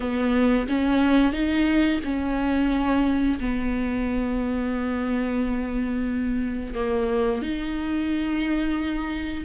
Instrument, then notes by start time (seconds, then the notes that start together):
viola
0.00 B3
0.68 C#4
1.33 D#4
2.04 C#4
3.40 B3
6.74 A#3
7.42 D#4